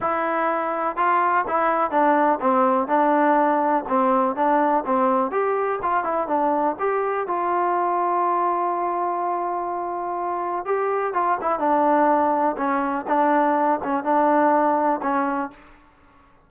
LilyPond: \new Staff \with { instrumentName = "trombone" } { \time 4/4 \tempo 4 = 124 e'2 f'4 e'4 | d'4 c'4 d'2 | c'4 d'4 c'4 g'4 | f'8 e'8 d'4 g'4 f'4~ |
f'1~ | f'2 g'4 f'8 e'8 | d'2 cis'4 d'4~ | d'8 cis'8 d'2 cis'4 | }